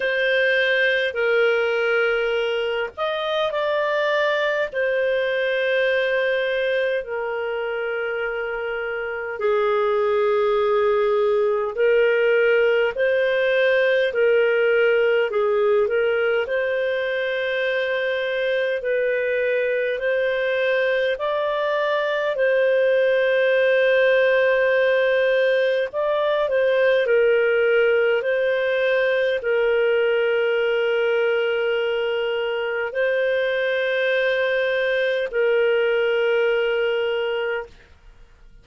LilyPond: \new Staff \with { instrumentName = "clarinet" } { \time 4/4 \tempo 4 = 51 c''4 ais'4. dis''8 d''4 | c''2 ais'2 | gis'2 ais'4 c''4 | ais'4 gis'8 ais'8 c''2 |
b'4 c''4 d''4 c''4~ | c''2 d''8 c''8 ais'4 | c''4 ais'2. | c''2 ais'2 | }